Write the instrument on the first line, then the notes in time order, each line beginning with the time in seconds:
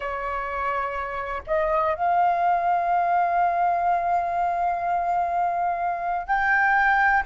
flute
0.00 C#5
1.46 D#5
1.95 F5
6.26 G5